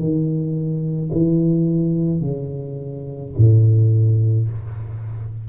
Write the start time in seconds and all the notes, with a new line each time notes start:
0.00 D#3
1.13 E3
2.22 C#3
3.38 A2